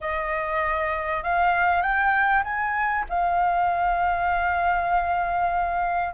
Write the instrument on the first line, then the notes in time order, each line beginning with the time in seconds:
flute
0.00 D#5
1.23 F5
1.82 G5
2.44 G#5
3.09 F5